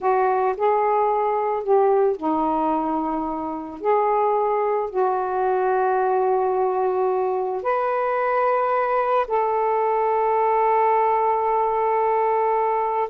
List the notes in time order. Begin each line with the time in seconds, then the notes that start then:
0.00 F#4
0.57 G#4
1.63 G4
2.17 D#4
3.81 G#4
4.90 F#4
7.62 B4
9.27 A4